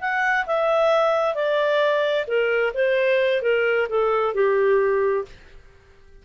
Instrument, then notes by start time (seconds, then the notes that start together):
clarinet
0.00 F#5
0.46 E5
1.35 D5
2.27 A#4
2.74 C5
3.42 A#4
3.89 A4
4.34 G4